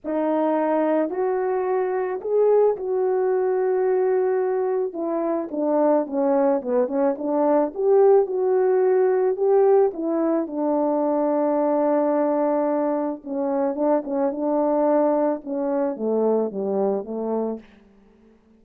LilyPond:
\new Staff \with { instrumentName = "horn" } { \time 4/4 \tempo 4 = 109 dis'2 fis'2 | gis'4 fis'2.~ | fis'4 e'4 d'4 cis'4 | b8 cis'8 d'4 g'4 fis'4~ |
fis'4 g'4 e'4 d'4~ | d'1 | cis'4 d'8 cis'8 d'2 | cis'4 a4 g4 a4 | }